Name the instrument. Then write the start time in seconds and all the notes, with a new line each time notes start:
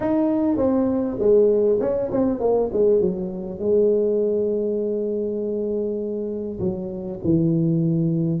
tuba
0.00 D#4
0.57 C4
1.19 G#3
1.80 C#4
2.11 C4
2.40 A#3
2.72 G#3
3.01 F#3
3.59 G#3
6.59 F#3
7.24 E3